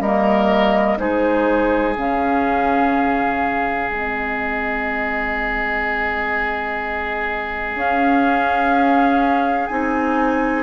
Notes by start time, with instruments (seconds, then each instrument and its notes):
0.00 bassoon G3, clarinet A#3, oboe A#4, flute D#5
0.98 bassoon G#3, clarinet D#4, oboe G#4, flute C5
1.96 bassoon C#3, clarinet C#4, flute F5
3.89 bassoon G#3, clarinet C4, flute D#5
7.75 bassoon C#4, clarinet C#4, flute F5
9.67 bassoon C4, clarinet D#4, flute G#5